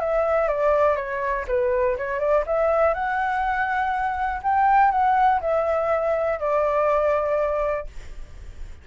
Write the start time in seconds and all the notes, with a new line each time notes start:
0.00 E5
0.48 D5
0.96 C#5
1.48 B4
1.97 C#5
2.19 D5
2.46 E5
2.94 F#5
4.43 G5
4.91 F#5
5.41 E5
6.39 D5